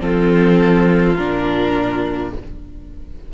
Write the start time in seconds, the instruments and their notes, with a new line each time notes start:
0.00 cello F3, viola C4, violin F4 A4
1.16 cello A#2, viola D4, violin A#4